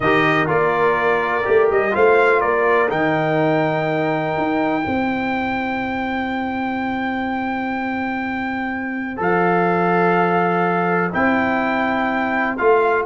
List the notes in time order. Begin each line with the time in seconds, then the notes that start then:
0.00 D#3 G4 A#4 D#5
0.46 A#3 F4 D5
1.44 A3 G4
1.71 G3 D#5
1.91 A3 F4 C5 F5
2.40 A#3 A#4 D5
2.89 D#3 D#4 G5
4.37 D#4
4.82 C4 E4 C5
9.16 F3 A4 F5
11.12 C4 E4 G5
12.57 A3 F4 F5